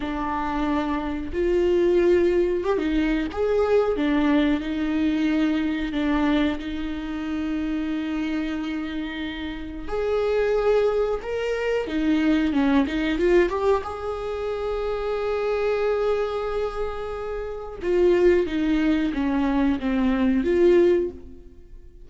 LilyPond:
\new Staff \with { instrumentName = "viola" } { \time 4/4 \tempo 4 = 91 d'2 f'2 | g'16 dis'8. gis'4 d'4 dis'4~ | dis'4 d'4 dis'2~ | dis'2. gis'4~ |
gis'4 ais'4 dis'4 cis'8 dis'8 | f'8 g'8 gis'2.~ | gis'2. f'4 | dis'4 cis'4 c'4 f'4 | }